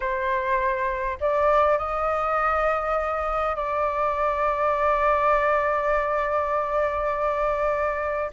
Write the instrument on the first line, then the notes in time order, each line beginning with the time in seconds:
flute
0.00 C5
1.20 D5
1.78 D#5
3.55 D5